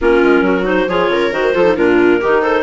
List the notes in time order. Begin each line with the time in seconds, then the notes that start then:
0.01 A#3 C#4 F4 A#4
0.23 G#3
0.40 F#3 F#4
0.63 D#4 C5
0.88 F3 F4 G#4 C#5
1.08 C#3 A#4
1.31 D#3 F#4 C5
1.53 F3 F4 A4
1.64 D#4
1.76 A#2 D4 F4 A#4
2.20 D#3 D#4 G4
2.42 A4 C5